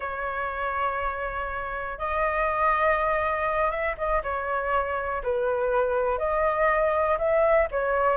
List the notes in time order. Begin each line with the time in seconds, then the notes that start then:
0.00 C#5
1.98 D#5
3.70 E5
3.97 D#5
4.23 C#5
5.23 B4
6.18 D#5
7.18 E5
7.71 C#5